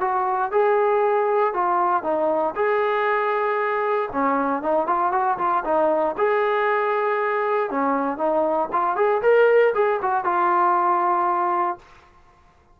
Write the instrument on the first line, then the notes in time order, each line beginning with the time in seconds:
trombone
0.00 F#4
0.52 G#4
1.53 F4
2.03 D#4
2.55 G#4
4.12 C#4
4.62 D#4
4.87 F4
5.12 F#4
5.38 F4
5.64 D#4
6.17 G#4
7.70 C#4
8.17 D#4
8.72 F4
8.96 G#4
9.22 A#4
9.74 G#4
10.02 F#4
10.24 F4